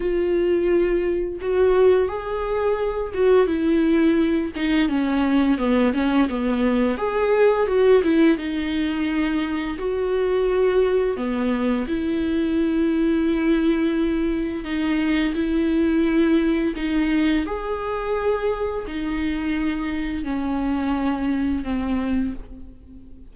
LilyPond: \new Staff \with { instrumentName = "viola" } { \time 4/4 \tempo 4 = 86 f'2 fis'4 gis'4~ | gis'8 fis'8 e'4. dis'8 cis'4 | b8 cis'8 b4 gis'4 fis'8 e'8 | dis'2 fis'2 |
b4 e'2.~ | e'4 dis'4 e'2 | dis'4 gis'2 dis'4~ | dis'4 cis'2 c'4 | }